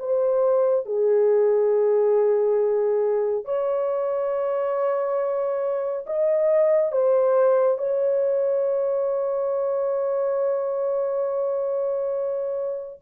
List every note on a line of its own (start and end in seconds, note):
0.00 0.86 C5
0.86 3.45 G#4
3.45 6.06 C#5
6.07 6.92 D#5
6.92 7.79 C5
7.79 13.00 C#5